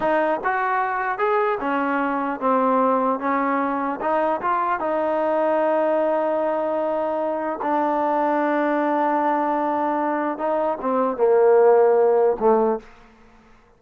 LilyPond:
\new Staff \with { instrumentName = "trombone" } { \time 4/4 \tempo 4 = 150 dis'4 fis'2 gis'4 | cis'2 c'2 | cis'2 dis'4 f'4 | dis'1~ |
dis'2. d'4~ | d'1~ | d'2 dis'4 c'4 | ais2. a4 | }